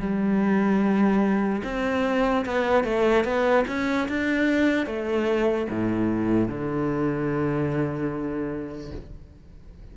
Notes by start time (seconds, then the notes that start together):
0.00 G3
1.64 C4
2.45 B3
2.84 A3
3.24 B3
3.68 C#4
4.08 D4
4.86 A3
5.70 A2
6.48 D3